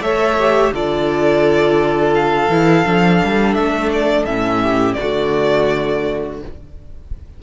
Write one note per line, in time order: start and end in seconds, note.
0.00 0.71 A3
0.00 0.38 A4
0.00 0.73 C#5
0.00 0.72 E5
0.39 0.74 G4
0.71 2.48 D3
0.71 2.50 F4
0.71 4.61 A4
0.71 2.14 D5
2.14 3.54 F5
2.48 2.84 E3
2.48 2.85 E4
2.85 3.21 F3
2.85 4.26 D4
3.23 3.57 G3
3.54 4.25 A3
3.54 3.89 E5
3.92 4.25 D5
4.25 4.95 A2
4.25 4.96 C#4
4.25 4.93 E5
4.61 4.96 G4
4.93 6.34 D5
4.99 6.42 D3
4.99 6.41 A3
4.99 6.40 F#4